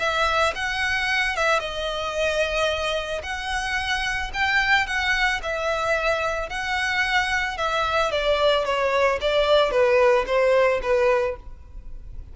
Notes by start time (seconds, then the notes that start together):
0.00 E5
0.56 F#5
1.37 E5
1.60 D#5
3.23 F#5
4.34 G5
4.87 F#5
5.43 E5
6.50 F#5
7.58 E5
8.12 D5
8.65 C#5
9.21 D5
9.71 B4
10.27 C5
10.83 B4